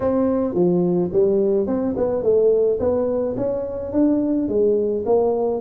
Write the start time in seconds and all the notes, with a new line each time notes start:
0.00 C4
0.54 F3
1.12 G3
1.66 C4
1.97 B3
2.22 A3
2.79 B3
3.36 C#4
3.92 D4
4.48 G#3
5.05 A#3